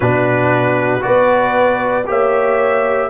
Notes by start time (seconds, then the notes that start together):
0.00 B2 D4 F#4 B4
1.00 B3 F#4 B4 D5
2.06 A#3 G4 C#5 E5